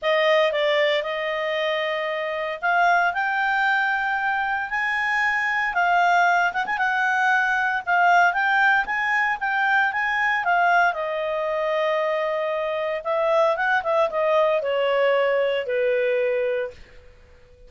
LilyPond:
\new Staff \with { instrumentName = "clarinet" } { \time 4/4 \tempo 4 = 115 dis''4 d''4 dis''2~ | dis''4 f''4 g''2~ | g''4 gis''2 f''4~ | f''8 fis''16 gis''16 fis''2 f''4 |
g''4 gis''4 g''4 gis''4 | f''4 dis''2.~ | dis''4 e''4 fis''8 e''8 dis''4 | cis''2 b'2 | }